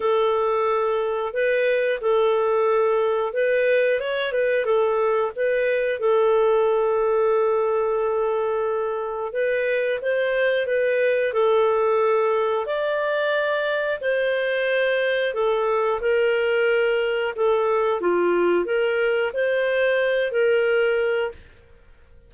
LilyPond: \new Staff \with { instrumentName = "clarinet" } { \time 4/4 \tempo 4 = 90 a'2 b'4 a'4~ | a'4 b'4 cis''8 b'8 a'4 | b'4 a'2.~ | a'2 b'4 c''4 |
b'4 a'2 d''4~ | d''4 c''2 a'4 | ais'2 a'4 f'4 | ais'4 c''4. ais'4. | }